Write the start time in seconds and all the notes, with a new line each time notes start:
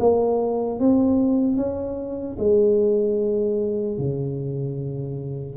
0.00 A#3
0.80 C4
1.57 C#4
2.39 G#3
3.98 C#3